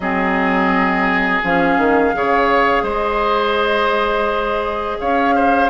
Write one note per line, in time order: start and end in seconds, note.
0.00 1.42 F#3
0.00 1.43 C4
0.00 2.15 G#4
0.00 1.42 D#5
1.43 1.77 F3
1.43 2.14 C#4
1.43 2.86 F5
1.77 2.13 D#3
2.14 2.82 C#3
2.14 5.69 G#4
2.14 2.83 C#5
2.82 4.96 G#3
2.82 4.97 C5
2.82 4.99 D#5
4.99 5.69 C#4
4.99 5.35 C#5
4.99 5.69 F5
5.35 5.69 C5